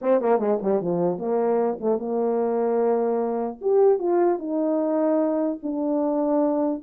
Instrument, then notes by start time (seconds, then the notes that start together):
horn
0.01 C4
0.21 A#3
0.38 G#3
0.62 G3
0.81 F3
1.18 A#3
1.80 A3
1.98 A#3
3.61 G4
3.98 F4
4.39 D#4
5.62 D4